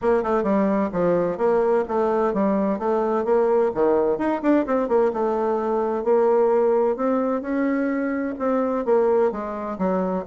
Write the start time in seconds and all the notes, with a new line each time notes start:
0.01 A#3
0.23 A3
0.43 G3
0.92 F3
1.37 A#3
1.87 A3
2.33 G3
2.78 A3
3.24 A#3
3.74 D#3
4.17 D#4
4.42 D4
4.66 C4
4.88 A#3
5.13 A3
6.04 A#3
6.96 C4
7.41 C#4
8.38 C4
8.85 A#3
9.31 G#3
9.78 F#3